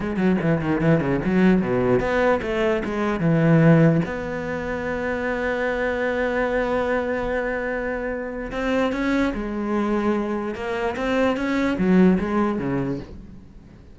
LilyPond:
\new Staff \with { instrumentName = "cello" } { \time 4/4 \tempo 4 = 148 gis8 fis8 e8 dis8 e8 cis8 fis4 | b,4 b4 a4 gis4 | e2 b2~ | b1~ |
b1~ | b4 c'4 cis'4 gis4~ | gis2 ais4 c'4 | cis'4 fis4 gis4 cis4 | }